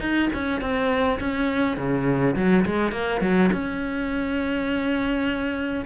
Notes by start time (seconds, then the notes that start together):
0.00 D#4
0.34 C#4
0.61 C4
1.20 C#4
1.77 C#3
2.36 F#3
2.66 G#3
2.92 A#3
3.21 F#3
3.52 C#4